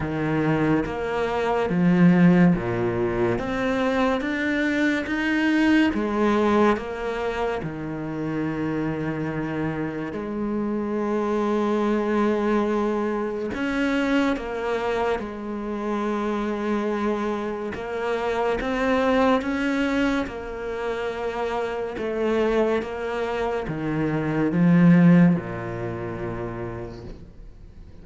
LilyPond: \new Staff \with { instrumentName = "cello" } { \time 4/4 \tempo 4 = 71 dis4 ais4 f4 ais,4 | c'4 d'4 dis'4 gis4 | ais4 dis2. | gis1 |
cis'4 ais4 gis2~ | gis4 ais4 c'4 cis'4 | ais2 a4 ais4 | dis4 f4 ais,2 | }